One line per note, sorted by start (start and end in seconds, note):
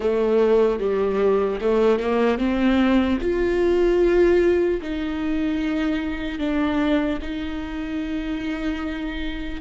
0.00 0.79 A3
0.79 1.59 G3
1.60 1.99 A3
1.99 2.38 A#3
2.38 3.18 C4
3.20 4.80 F4
4.81 6.38 D#4
6.38 7.18 D4
7.21 9.61 D#4